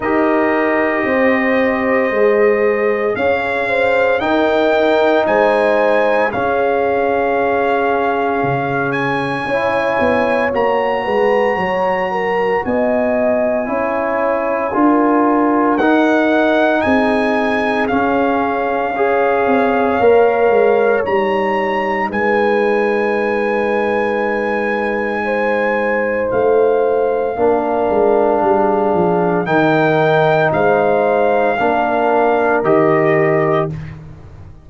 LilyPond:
<<
  \new Staff \with { instrumentName = "trumpet" } { \time 4/4 \tempo 4 = 57 dis''2. f''4 | g''4 gis''4 f''2~ | f''8 gis''4. ais''2 | gis''2. fis''4 |
gis''4 f''2. | ais''4 gis''2.~ | gis''4 f''2. | g''4 f''2 dis''4 | }
  \new Staff \with { instrumentName = "horn" } { \time 4/4 ais'4 c''2 cis''8 c''8 | ais'4 c''4 gis'2~ | gis'4 cis''4. b'8 cis''8 ais'8 | dis''4 cis''4 ais'2 |
gis'2 cis''2~ | cis''4 b'2. | c''2 ais'4 gis'4 | ais'4 c''4 ais'2 | }
  \new Staff \with { instrumentName = "trombone" } { \time 4/4 g'2 gis'2 | dis'2 cis'2~ | cis'4 e'4 fis'2~ | fis'4 e'4 f'4 dis'4~ |
dis'4 cis'4 gis'4 ais'4 | dis'1~ | dis'2 d'2 | dis'2 d'4 g'4 | }
  \new Staff \with { instrumentName = "tuba" } { \time 4/4 dis'4 c'4 gis4 cis'4 | dis'4 gis4 cis'2 | cis4 cis'8 b8 ais8 gis8 fis4 | b4 cis'4 d'4 dis'4 |
c'4 cis'4. c'8 ais8 gis8 | g4 gis2.~ | gis4 a4 ais8 gis8 g8 f8 | dis4 gis4 ais4 dis4 | }
>>